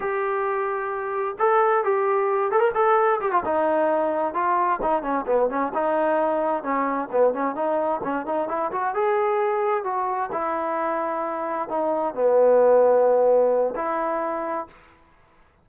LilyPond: \new Staff \with { instrumentName = "trombone" } { \time 4/4 \tempo 4 = 131 g'2. a'4 | g'4. a'16 ais'16 a'4 g'16 f'16 dis'8~ | dis'4. f'4 dis'8 cis'8 b8 | cis'8 dis'2 cis'4 b8 |
cis'8 dis'4 cis'8 dis'8 e'8 fis'8 gis'8~ | gis'4. fis'4 e'4.~ | e'4. dis'4 b4.~ | b2 e'2 | }